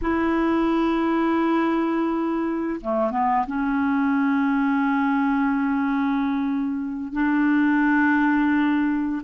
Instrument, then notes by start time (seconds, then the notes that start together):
clarinet
0.01 E4
2.81 A3
3.10 B3
3.46 C#4
7.12 D4